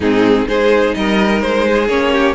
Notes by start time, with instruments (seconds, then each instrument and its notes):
0.00 cello G#2, viola C4, violin D#4 G#4
0.47 cello G#3, viola D#4, violin G#4 C5
0.94 cello G3, violin A#4 D#5
1.40 cello G#3, violin C5
1.67 violin G#4
1.88 cello A#3, viola C#4, violin C#5
2.12 violin G4